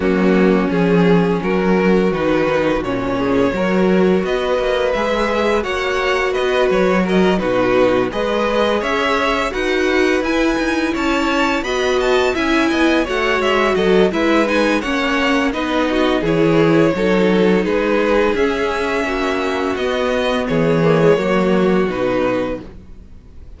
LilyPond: <<
  \new Staff \with { instrumentName = "violin" } { \time 4/4 \tempo 4 = 85 fis'4 gis'4 ais'4 b'4 | cis''2 dis''4 e''4 | fis''4 dis''8 cis''8 dis''8 b'4 dis''8~ | dis''8 e''4 fis''4 gis''4 a''8~ |
a''8 b''8 a''8 gis''4 fis''8 e''8 dis''8 | e''8 gis''8 fis''4 dis''4 cis''4~ | cis''4 b'4 e''2 | dis''4 cis''2 b'4 | }
  \new Staff \with { instrumentName = "violin" } { \time 4/4 cis'2 fis'2~ | fis'8 gis'8 ais'4 b'2 | cis''4 b'4 ais'8 fis'4 b'8~ | b'8 cis''4 b'2 cis''8~ |
cis''8 dis''4 e''8 dis''8 cis''4 a'8 | b'4 cis''4 b'8 fis'8 gis'4 | a'4 gis'2 fis'4~ | fis'4 gis'4 fis'2 | }
  \new Staff \with { instrumentName = "viola" } { \time 4/4 ais4 cis'2 dis'4 | cis'4 fis'2 gis'4 | fis'2~ fis'8 dis'4 gis'8~ | gis'4. fis'4 e'4.~ |
e'8 fis'4 e'4 fis'4. | e'8 dis'8 cis'4 dis'4 e'4 | dis'2 cis'2 | b4. ais16 gis16 ais4 dis'4 | }
  \new Staff \with { instrumentName = "cello" } { \time 4/4 fis4 f4 fis4 dis4 | ais,4 fis4 b8 ais8 gis4 | ais4 b8 fis4 b,4 gis8~ | gis8 cis'4 dis'4 e'8 dis'8 cis'8~ |
cis'8 b4 cis'8 b8 a8 gis8 fis8 | gis4 ais4 b4 e4 | fis4 gis4 cis'4 ais4 | b4 e4 fis4 b,4 | }
>>